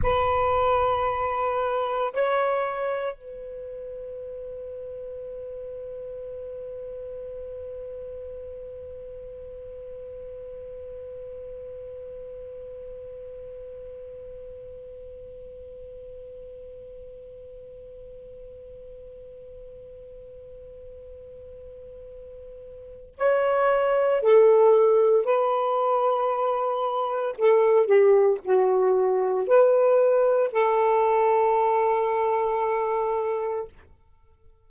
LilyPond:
\new Staff \with { instrumentName = "saxophone" } { \time 4/4 \tempo 4 = 57 b'2 cis''4 b'4~ | b'1~ | b'1~ | b'1~ |
b'1~ | b'2 cis''4 a'4 | b'2 a'8 g'8 fis'4 | b'4 a'2. | }